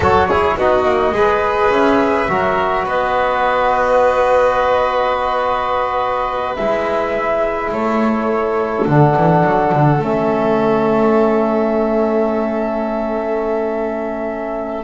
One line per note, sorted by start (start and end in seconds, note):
0.00 0.55 F#3
0.00 0.30 F#4
0.00 0.27 A4
0.00 0.58 C#5
0.28 0.58 E4
0.28 0.57 G#4
0.57 0.84 B3
0.57 1.15 D#4
0.57 1.14 F#4
0.57 1.72 D#5
0.84 1.11 A#3
1.11 1.68 G#3
1.11 2.28 G#4
1.11 2.30 B4
1.69 2.26 C#4
1.69 2.86 E5
2.28 2.85 F#3
2.28 6.57 F#4
2.28 2.84 A#4
2.84 6.57 B3
2.84 7.70 B4
2.84 6.55 D#5
6.55 7.72 G#3
6.55 8.86 E4
6.55 7.70 E5
7.70 8.86 A3
7.70 14.84 A4
7.70 8.86 C#5
8.86 9.15 D3
8.86 9.99 D4
8.86 10.01 F#5
9.16 9.44 E3
9.44 9.72 F#3
9.72 9.98 D3
9.98 14.84 A3
9.98 14.84 C#4
9.98 14.84 E5